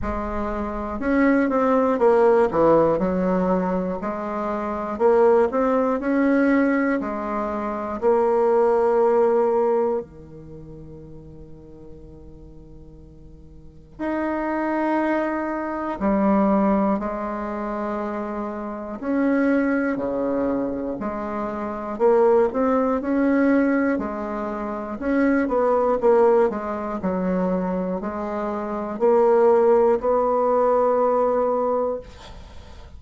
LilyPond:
\new Staff \with { instrumentName = "bassoon" } { \time 4/4 \tempo 4 = 60 gis4 cis'8 c'8 ais8 e8 fis4 | gis4 ais8 c'8 cis'4 gis4 | ais2 dis2~ | dis2 dis'2 |
g4 gis2 cis'4 | cis4 gis4 ais8 c'8 cis'4 | gis4 cis'8 b8 ais8 gis8 fis4 | gis4 ais4 b2 | }